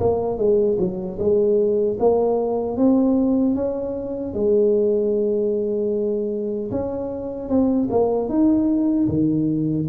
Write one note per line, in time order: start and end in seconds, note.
0.00 0.38 A#3
0.38 0.78 G#3
0.79 1.18 F#3
1.19 1.98 G#3
2.00 2.77 A#3
2.77 3.55 C4
3.55 4.34 C#4
4.34 6.71 G#3
6.71 7.49 C#4
7.49 7.88 C4
7.91 8.29 A#3
8.29 9.08 D#4
9.08 9.87 D#3